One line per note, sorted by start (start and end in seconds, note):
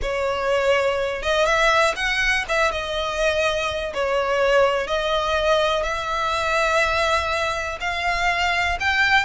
0.02 1.22 C#5
1.22 1.45 D#5
1.45 1.94 E5
1.96 2.45 F#5
2.48 2.71 E5
2.71 3.93 D#5
3.94 4.87 C#5
4.87 5.83 D#5
5.83 7.78 E5
7.80 8.78 F5
8.80 9.25 G5